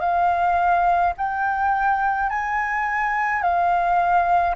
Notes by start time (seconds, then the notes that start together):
0.00 F5
1.17 G5
2.30 G#5
3.42 F5